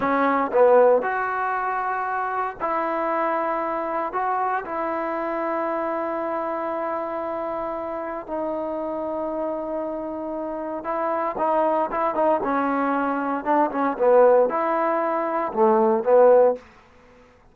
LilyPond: \new Staff \with { instrumentName = "trombone" } { \time 4/4 \tempo 4 = 116 cis'4 b4 fis'2~ | fis'4 e'2. | fis'4 e'2.~ | e'1 |
dis'1~ | dis'4 e'4 dis'4 e'8 dis'8 | cis'2 d'8 cis'8 b4 | e'2 a4 b4 | }